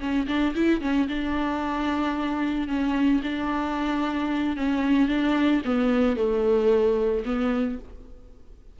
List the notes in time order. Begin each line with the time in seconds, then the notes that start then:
0.00 C#4
0.28 D4
0.55 E4
0.81 C#4
1.08 D4
2.68 C#4
3.23 D4
4.57 C#4
5.09 D4
5.65 B3
6.17 A3
7.25 B3